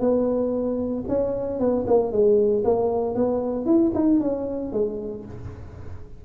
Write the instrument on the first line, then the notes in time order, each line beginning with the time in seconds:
tuba
0.00 B3
1.08 C#4
1.60 B3
1.87 A#3
2.12 G#3
2.64 A#3
3.15 B3
3.66 E4
3.95 D#4
4.20 C#4
4.73 G#3